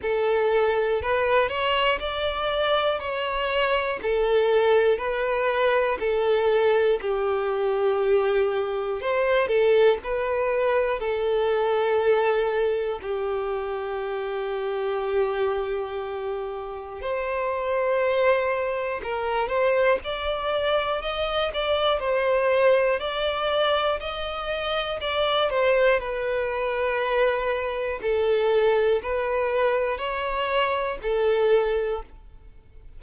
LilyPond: \new Staff \with { instrumentName = "violin" } { \time 4/4 \tempo 4 = 60 a'4 b'8 cis''8 d''4 cis''4 | a'4 b'4 a'4 g'4~ | g'4 c''8 a'8 b'4 a'4~ | a'4 g'2.~ |
g'4 c''2 ais'8 c''8 | d''4 dis''8 d''8 c''4 d''4 | dis''4 d''8 c''8 b'2 | a'4 b'4 cis''4 a'4 | }